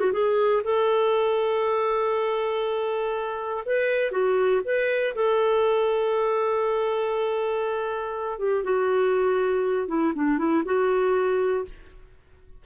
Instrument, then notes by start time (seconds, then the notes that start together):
clarinet
0.00 F#4
0.13 G#4
0.64 A4
3.66 B4
4.12 F#4
4.65 B4
5.15 A4
8.39 G4
8.64 F#4
9.88 E4
10.15 D4
10.38 E4
10.65 F#4